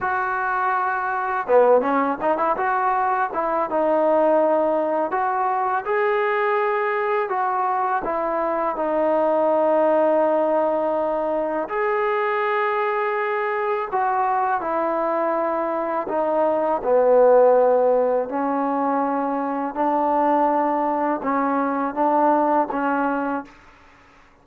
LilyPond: \new Staff \with { instrumentName = "trombone" } { \time 4/4 \tempo 4 = 82 fis'2 b8 cis'8 dis'16 e'16 fis'8~ | fis'8 e'8 dis'2 fis'4 | gis'2 fis'4 e'4 | dis'1 |
gis'2. fis'4 | e'2 dis'4 b4~ | b4 cis'2 d'4~ | d'4 cis'4 d'4 cis'4 | }